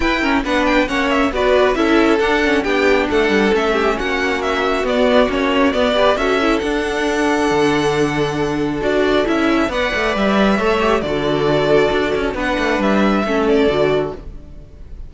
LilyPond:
<<
  \new Staff \with { instrumentName = "violin" } { \time 4/4 \tempo 4 = 136 g''4 fis''8 g''8 fis''8 e''8 d''4 | e''4 fis''4 g''4 fis''4 | e''4 fis''4 e''4 d''4 | cis''4 d''4 e''4 fis''4~ |
fis''1 | d''4 e''4 fis''4 e''4~ | e''4 d''2. | fis''4 e''4. d''4. | }
  \new Staff \with { instrumentName = "violin" } { \time 4/4 b'8 ais'8 b'4 cis''4 b'4 | a'2 g'4 a'4~ | a'8 g'8 fis'2.~ | fis'4. b'8 a'2~ |
a'1~ | a'2 d''2 | cis''4 a'2. | b'2 a'2 | }
  \new Staff \with { instrumentName = "viola" } { \time 4/4 e'8 cis'8 d'4 cis'4 fis'4 | e'4 d'8 cis'8 d'2 | cis'2. b4 | cis'4 b8 g'8 fis'8 e'8 d'4~ |
d'1 | fis'4 e'4 b'2 | a'8 g'8 fis'2. | d'2 cis'4 fis'4 | }
  \new Staff \with { instrumentName = "cello" } { \time 4/4 e'4 b4 ais4 b4 | cis'4 d'4 b4 a8 g8 | a4 ais2 b4 | ais4 b4 cis'4 d'4~ |
d'4 d2. | d'4 cis'4 b8 a8 g4 | a4 d2 d'8 cis'8 | b8 a8 g4 a4 d4 | }
>>